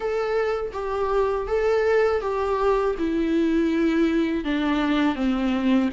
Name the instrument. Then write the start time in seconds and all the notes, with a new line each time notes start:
viola
0.00 A4
0.72 G4
1.47 A4
2.21 G4
2.98 E4
4.44 D4
5.15 C4